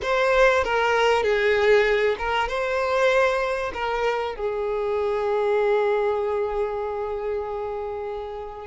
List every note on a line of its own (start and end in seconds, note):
0.02 0.64 C5
0.64 1.23 A#4
1.23 2.16 G#4
2.18 2.48 A#4
2.48 3.72 C5
3.73 4.35 A#4
4.35 8.66 G#4